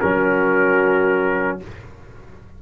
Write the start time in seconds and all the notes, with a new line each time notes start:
0.00 F#3 C#4 F#4 A#4